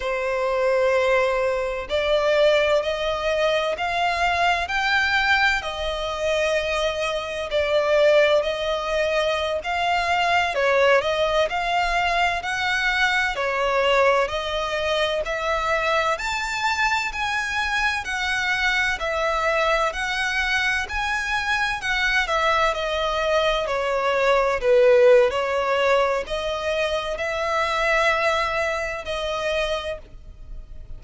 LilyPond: \new Staff \with { instrumentName = "violin" } { \time 4/4 \tempo 4 = 64 c''2 d''4 dis''4 | f''4 g''4 dis''2 | d''4 dis''4~ dis''16 f''4 cis''8 dis''16~ | dis''16 f''4 fis''4 cis''4 dis''8.~ |
dis''16 e''4 a''4 gis''4 fis''8.~ | fis''16 e''4 fis''4 gis''4 fis''8 e''16~ | e''16 dis''4 cis''4 b'8. cis''4 | dis''4 e''2 dis''4 | }